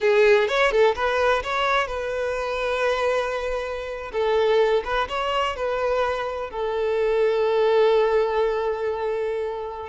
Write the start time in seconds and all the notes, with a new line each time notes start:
0.00 G#4
0.48 C#5
0.71 A4
0.95 B4
1.43 C#5
1.87 B4
4.12 A4
4.84 B4
5.09 C#5
5.55 B4
6.50 A4